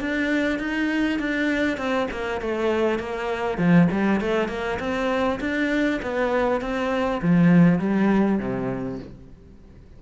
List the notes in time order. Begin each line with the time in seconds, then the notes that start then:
0.00 D4
0.59 D#4
1.19 D4
1.78 C4
2.11 A#3
2.41 A3
2.99 A#3
3.58 F3
3.91 G3
4.21 A3
4.48 A#3
4.79 C4
5.40 D4
6.02 B3
6.61 C4
7.22 F3
7.79 G3
8.39 C3